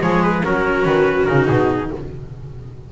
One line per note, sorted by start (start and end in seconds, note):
0.00 0.44 F3
0.00 0.42 G#3
0.00 0.44 G#4
0.00 0.23 C#5
0.23 0.44 B4
0.44 0.85 F#3
0.44 1.28 C#4
0.44 1.92 F#4
0.44 0.86 A#4
0.85 1.27 D#3
0.85 1.25 B4
1.25 1.49 C#3
1.25 1.91 D#4
1.25 1.46 A#4
1.48 1.92 B2
1.48 1.90 G#4